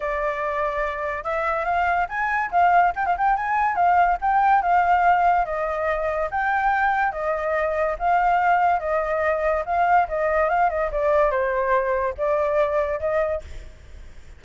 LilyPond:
\new Staff \with { instrumentName = "flute" } { \time 4/4 \tempo 4 = 143 d''2. e''4 | f''4 gis''4 f''4 g''16 f''16 g''8 | gis''4 f''4 g''4 f''4~ | f''4 dis''2 g''4~ |
g''4 dis''2 f''4~ | f''4 dis''2 f''4 | dis''4 f''8 dis''8 d''4 c''4~ | c''4 d''2 dis''4 | }